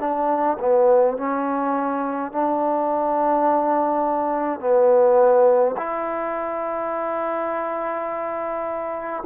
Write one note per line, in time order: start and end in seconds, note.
0.00 0.58 D4
0.60 1.17 B3
1.17 2.32 C#4
2.32 4.60 D4
4.60 5.76 B3
5.78 9.24 E4